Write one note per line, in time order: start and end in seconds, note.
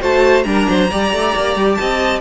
0.00 0.45 A3
0.00 0.44 F#4
0.00 0.45 C5
0.00 0.43 A5
0.43 0.67 G3
0.43 0.89 D4
0.43 0.69 A#4
0.43 1.75 A#5
0.69 0.91 F#3
0.69 0.91 C5
0.91 1.13 G3
0.91 2.21 G4
0.91 1.79 D5
1.13 1.35 A3
1.36 1.56 A#3
1.56 1.78 G3
1.75 2.21 C4
1.75 2.21 D#5
1.75 2.19 A5